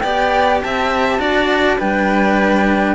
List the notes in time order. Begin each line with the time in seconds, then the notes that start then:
0.00 B3 G4 D5 G5
0.62 C4 E5 A5
1.19 D4 F#4 D5
1.78 G3 D4 B4 G5